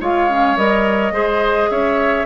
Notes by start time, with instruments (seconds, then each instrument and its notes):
0.00 bassoon G#3, clarinet F4, oboe C#5, flute F5
0.29 clarinet C#4
0.56 bassoon G3, clarinet A#4, flute D#5
1.11 bassoon G#3, clarinet G#4, oboe C5
1.69 bassoon C#4, oboe C#5, flute E5